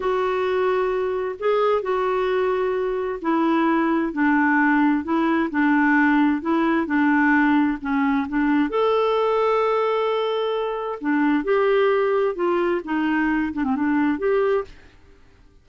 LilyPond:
\new Staff \with { instrumentName = "clarinet" } { \time 4/4 \tempo 4 = 131 fis'2. gis'4 | fis'2. e'4~ | e'4 d'2 e'4 | d'2 e'4 d'4~ |
d'4 cis'4 d'4 a'4~ | a'1 | d'4 g'2 f'4 | dis'4. d'16 c'16 d'4 g'4 | }